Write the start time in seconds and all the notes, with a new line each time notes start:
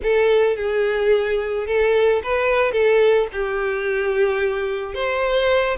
0.03 A4
0.56 G#4
1.67 A4
2.23 B4
2.71 A4
3.32 G4
4.94 C5